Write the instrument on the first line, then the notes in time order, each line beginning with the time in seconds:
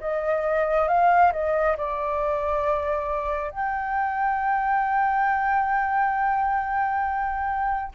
flute
0.00 D#5
0.88 F5
1.32 D#5
1.77 D5
3.51 G5